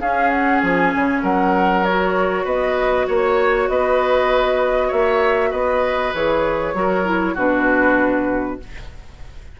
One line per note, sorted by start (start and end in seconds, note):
0.00 0.62 C#4
0.00 1.85 C#4
0.00 1.22 G#4
0.00 0.30 F5
0.30 0.61 F#5
0.61 0.93 F3
0.61 1.23 G#5
0.95 1.23 C#3
1.22 2.45 F#3
1.22 2.44 A#4
1.22 1.84 F#5
1.84 6.15 F#4
1.84 2.45 C#5
2.44 3.06 B3
2.44 3.06 B4
2.44 3.07 D#5
3.07 3.69 A#3
3.07 3.68 C#5
3.68 4.91 B3
3.68 4.87 B4
3.68 4.91 D#5
4.87 5.52 A#3
4.87 5.49 C#5
4.87 5.52 E5
5.51 6.13 B3
5.51 6.73 B4
5.51 6.13 D#5
6.14 6.73 E3
6.14 6.74 G#4
6.14 7.36 C#5
6.73 7.35 F#3
6.73 7.05 F#4
6.73 7.34 A#4
7.05 7.35 E4
7.34 8.59 B2
7.34 8.59 D4
7.34 8.56 F#4
7.34 8.60 B4